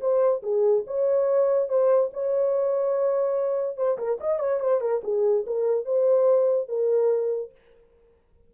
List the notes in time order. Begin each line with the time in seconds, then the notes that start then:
0.00 C5
0.43 G#4
0.87 C#5
1.68 C5
2.13 C#5
3.77 C5
3.98 A#4
4.20 D#5
4.39 C#5
4.60 C5
4.80 A#4
5.03 G#4
5.46 A#4
5.85 C5
6.68 A#4